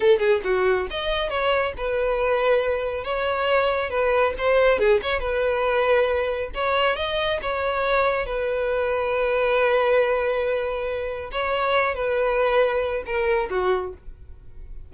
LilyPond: \new Staff \with { instrumentName = "violin" } { \time 4/4 \tempo 4 = 138 a'8 gis'8 fis'4 dis''4 cis''4 | b'2. cis''4~ | cis''4 b'4 c''4 gis'8 cis''8 | b'2. cis''4 |
dis''4 cis''2 b'4~ | b'1~ | b'2 cis''4. b'8~ | b'2 ais'4 fis'4 | }